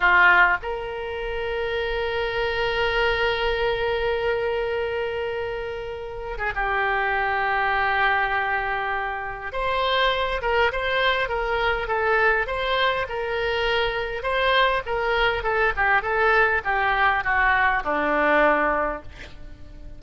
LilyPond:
\new Staff \with { instrumentName = "oboe" } { \time 4/4 \tempo 4 = 101 f'4 ais'2.~ | ais'1~ | ais'2~ ais'8. gis'16 g'4~ | g'1 |
c''4. ais'8 c''4 ais'4 | a'4 c''4 ais'2 | c''4 ais'4 a'8 g'8 a'4 | g'4 fis'4 d'2 | }